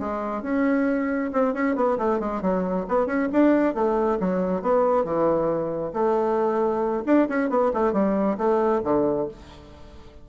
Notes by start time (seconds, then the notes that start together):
0.00 G#3
0.43 C#4
1.33 C4
1.54 C#4
1.76 B3
1.98 A3
2.20 G#3
2.42 F#3
2.89 B3
3.07 C#4
3.33 D4
3.75 A3
4.21 F#3
4.62 B3
5.05 E3
5.94 A3
7.06 D4
7.29 C#4
7.50 B3
7.74 A3
7.93 G3
8.38 A3
8.84 D3